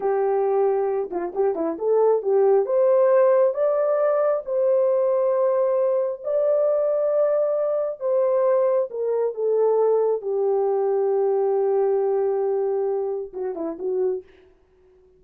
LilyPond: \new Staff \with { instrumentName = "horn" } { \time 4/4 \tempo 4 = 135 g'2~ g'8 f'8 g'8 e'8 | a'4 g'4 c''2 | d''2 c''2~ | c''2 d''2~ |
d''2 c''2 | ais'4 a'2 g'4~ | g'1~ | g'2 fis'8 e'8 fis'4 | }